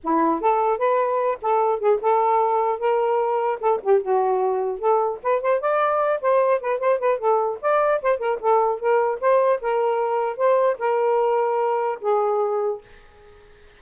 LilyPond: \new Staff \with { instrumentName = "saxophone" } { \time 4/4 \tempo 4 = 150 e'4 a'4 b'4. a'8~ | a'8 gis'8 a'2 ais'4~ | ais'4 a'8 g'8 fis'2 | a'4 b'8 c''8 d''4. c''8~ |
c''8 b'8 c''8 b'8 a'4 d''4 | c''8 ais'8 a'4 ais'4 c''4 | ais'2 c''4 ais'4~ | ais'2 gis'2 | }